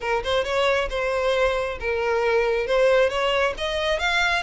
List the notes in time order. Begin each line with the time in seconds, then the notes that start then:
0.00 A#4
0.23 C5
0.44 C#5
0.89 C5
1.80 A#4
2.66 C5
3.09 C#5
3.57 D#5
3.99 F5